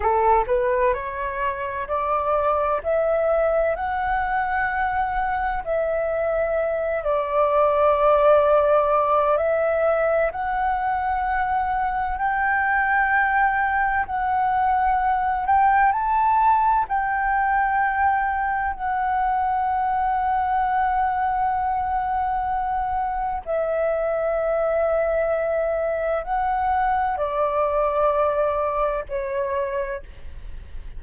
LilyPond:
\new Staff \with { instrumentName = "flute" } { \time 4/4 \tempo 4 = 64 a'8 b'8 cis''4 d''4 e''4 | fis''2 e''4. d''8~ | d''2 e''4 fis''4~ | fis''4 g''2 fis''4~ |
fis''8 g''8 a''4 g''2 | fis''1~ | fis''4 e''2. | fis''4 d''2 cis''4 | }